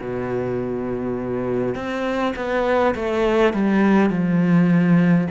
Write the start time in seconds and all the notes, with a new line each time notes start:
0.00 B2
1.75 C4
2.36 B3
2.96 A3
3.54 G3
4.10 F3